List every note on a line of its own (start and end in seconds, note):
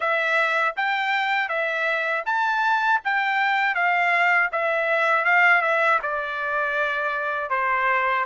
0.00 0.75 E5
0.76 1.48 G5
1.48 2.23 E5
2.25 3.00 A5
3.04 3.74 G5
3.74 4.49 F5
4.52 5.24 E5
5.24 5.61 F5
5.61 5.99 E5
6.02 7.50 D5
7.50 8.25 C5